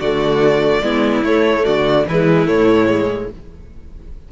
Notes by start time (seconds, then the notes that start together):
0.00 D3 A3 F#4 D5
0.81 G#3 B3 E4
1.23 A3 C#5
1.64 D3 F#4 D5
2.07 E3 G#3 E4 B4
2.47 A2 A3 C#5
2.87 G#3